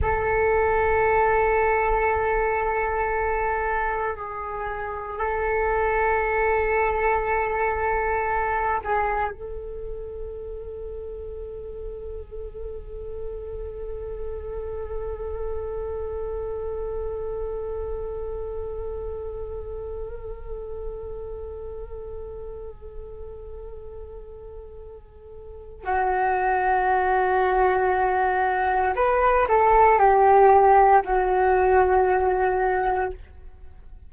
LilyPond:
\new Staff \with { instrumentName = "flute" } { \time 4/4 \tempo 4 = 58 a'1 | gis'4 a'2.~ | a'8 gis'8 a'2.~ | a'1~ |
a'1~ | a'1~ | a'4 fis'2. | b'8 a'8 g'4 fis'2 | }